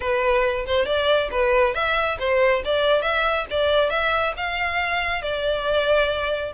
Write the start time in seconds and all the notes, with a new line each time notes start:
0.00 B4
0.66 C5
0.85 D5
1.31 B4
1.74 E5
2.19 C5
2.64 D5
3.02 E5
3.50 D5
3.89 E5
4.37 F5
5.22 D5